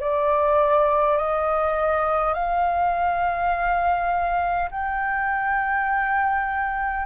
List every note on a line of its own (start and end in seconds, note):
0.00 1.17 D5
1.17 2.34 D#5
2.34 4.69 F5
4.71 7.05 G5